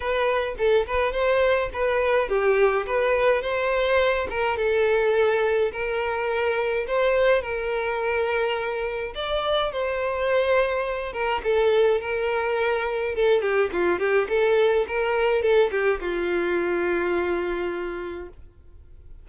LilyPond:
\new Staff \with { instrumentName = "violin" } { \time 4/4 \tempo 4 = 105 b'4 a'8 b'8 c''4 b'4 | g'4 b'4 c''4. ais'8 | a'2 ais'2 | c''4 ais'2. |
d''4 c''2~ c''8 ais'8 | a'4 ais'2 a'8 g'8 | f'8 g'8 a'4 ais'4 a'8 g'8 | f'1 | }